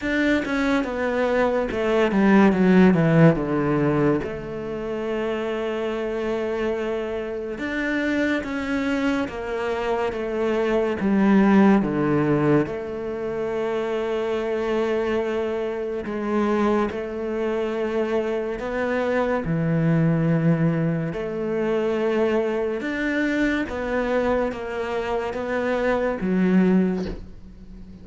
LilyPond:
\new Staff \with { instrumentName = "cello" } { \time 4/4 \tempo 4 = 71 d'8 cis'8 b4 a8 g8 fis8 e8 | d4 a2.~ | a4 d'4 cis'4 ais4 | a4 g4 d4 a4~ |
a2. gis4 | a2 b4 e4~ | e4 a2 d'4 | b4 ais4 b4 fis4 | }